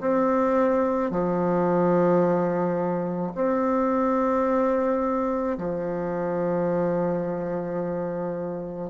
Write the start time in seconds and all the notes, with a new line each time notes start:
0.00 C4
1.10 F3
3.35 C4
5.58 F3